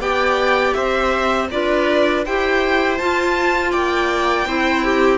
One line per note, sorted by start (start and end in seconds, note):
0.00 0.74 B3
0.00 1.50 G4
0.00 0.75 D5
0.00 0.74 G5
0.74 1.51 C4
0.74 1.51 C5
0.74 1.48 E5
1.51 2.27 D4
1.51 2.26 F4
1.51 2.26 B4
1.51 2.25 D5
2.26 3.01 E4
2.26 3.00 G4
2.26 3.72 C5
2.26 2.98 G5
2.98 4.48 F4
2.98 3.74 F4
2.98 3.72 A5
3.72 4.46 A#3
3.72 4.46 D5
3.72 5.18 G5
4.46 5.18 C4
4.46 5.18 E4
4.46 4.84 C5
4.84 5.18 G4